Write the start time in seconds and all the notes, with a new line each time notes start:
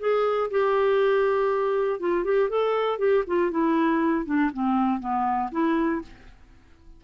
0.00 G#4
0.51 G4
2.00 F4
2.25 G4
2.50 A4
2.99 G4
3.27 F4
3.51 E4
4.26 D4
4.54 C4
5.00 B3
5.52 E4